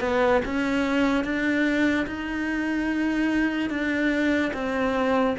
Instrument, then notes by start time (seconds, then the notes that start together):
cello
0.00 B3
0.45 C#4
1.24 D4
2.07 D#4
3.69 D4
4.54 C4